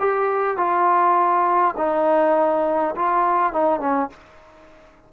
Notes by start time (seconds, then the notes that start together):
0.00 G4
0.58 F4
1.78 D#4
2.96 F4
3.53 D#4
3.80 C#4